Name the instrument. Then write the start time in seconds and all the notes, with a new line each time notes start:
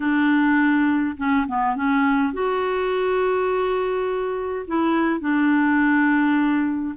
clarinet
0.00 D4
1.17 C#4
1.47 B3
1.75 C#4
2.33 F#4
4.67 E4
5.20 D4